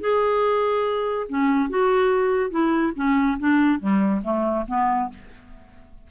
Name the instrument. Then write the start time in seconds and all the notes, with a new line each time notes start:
clarinet
0.00 G#4
1.28 C#4
1.69 F#4
2.50 E4
2.95 C#4
3.39 D4
3.79 G3
4.23 A3
4.67 B3